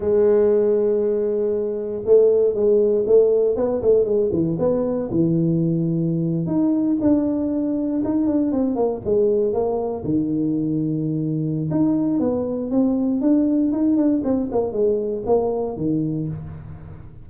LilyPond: \new Staff \with { instrumentName = "tuba" } { \time 4/4 \tempo 4 = 118 gis1 | a4 gis4 a4 b8 a8 | gis8 e8 b4 e2~ | e8. dis'4 d'2 dis'16~ |
dis'16 d'8 c'8 ais8 gis4 ais4 dis16~ | dis2. dis'4 | b4 c'4 d'4 dis'8 d'8 | c'8 ais8 gis4 ais4 dis4 | }